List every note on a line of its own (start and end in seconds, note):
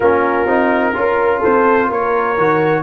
0.00 0.45 A#3
0.00 0.47 C#4
0.00 0.94 F4
0.00 1.42 A#4
0.45 0.93 C4
0.45 0.94 D#4
0.94 1.43 C#4
0.94 2.37 F4
0.94 1.39 A#4
1.39 1.87 A4
1.39 1.90 C5
1.45 1.90 C4
1.88 2.37 A#3
1.88 2.82 A#4
1.88 2.82 C#5
2.37 2.82 D#3
2.37 2.82 F#4